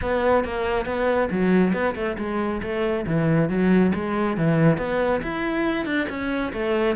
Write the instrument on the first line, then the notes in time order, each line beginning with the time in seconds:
cello
0.01 B3
0.44 A#3
0.85 B3
1.31 F#3
1.73 B3
1.95 A3
2.18 G#3
2.62 A3
3.06 E3
3.49 F#3
3.94 G#3
4.37 E3
4.77 B3
5.23 E4
5.85 D4
6.09 C#4
6.52 A3